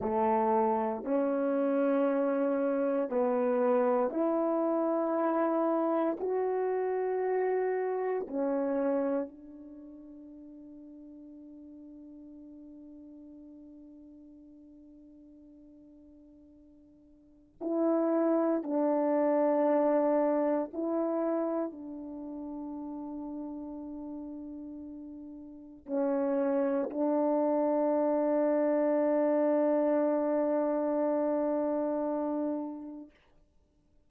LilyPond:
\new Staff \with { instrumentName = "horn" } { \time 4/4 \tempo 4 = 58 a4 cis'2 b4 | e'2 fis'2 | cis'4 d'2.~ | d'1~ |
d'4 e'4 d'2 | e'4 d'2.~ | d'4 cis'4 d'2~ | d'1 | }